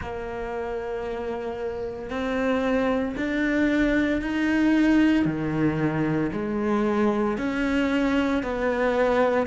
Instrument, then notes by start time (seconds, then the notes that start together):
cello
0.01 A#3
2.10 C4
3.16 D4
4.21 D#4
5.25 D#3
6.32 G#3
7.37 C#4
8.43 B3